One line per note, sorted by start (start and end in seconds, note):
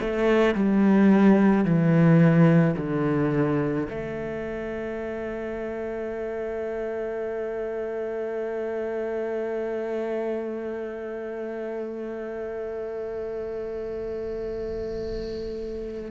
0.00 0.55 A3
0.55 1.65 G3
1.65 2.76 E3
2.77 3.88 D3
3.90 16.11 A3